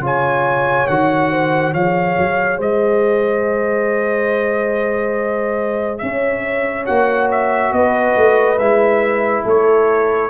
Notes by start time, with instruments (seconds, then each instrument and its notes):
0.00 tuba C#3, trombone F4, horn C#5
0.06 trumpet G#5
0.88 tuba D#3, trombone F#4, trumpet F#5
1.32 horn C5
1.73 tuba F3, trombone G#4, horn C#5, trumpet F5
2.18 tuba F#3
2.58 tuba G#3, horn C5, trumpet D#5
5.99 tuba C#4, trumpet E5
6.05 horn C#5
6.86 tuba A#3, trombone F#4, trumpet F#5
7.32 trumpet E5
7.73 tuba B3, horn B4, trumpet D#5
8.17 tuba A3
8.59 tuba G#3, trombone E4, trumpet E5
9.45 tuba A3, horn A4, trumpet C#5